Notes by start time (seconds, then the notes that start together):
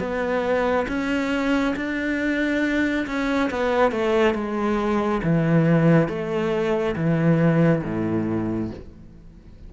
0.00 B3
0.89 C#4
1.76 D4
3.07 C#4
3.51 B3
3.92 A3
4.35 G#3
5.24 E3
6.09 A3
6.96 E3
7.84 A2